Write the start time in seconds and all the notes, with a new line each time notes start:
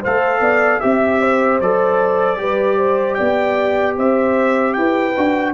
0.00 A3 C5 F5
0.06 A4
0.41 B3 D5
0.80 C4 G4 E5
1.21 C5
1.61 F#3 A4 D5
2.37 G3 G4 B4
2.77 C5
3.14 B3 D5 G5
3.96 C4 C5 E5
4.74 E4 B4 G5
5.16 D4 F#4